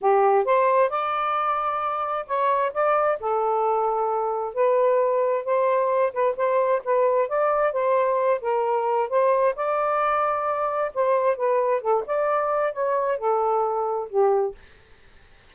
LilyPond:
\new Staff \with { instrumentName = "saxophone" } { \time 4/4 \tempo 4 = 132 g'4 c''4 d''2~ | d''4 cis''4 d''4 a'4~ | a'2 b'2 | c''4. b'8 c''4 b'4 |
d''4 c''4. ais'4. | c''4 d''2. | c''4 b'4 a'8 d''4. | cis''4 a'2 g'4 | }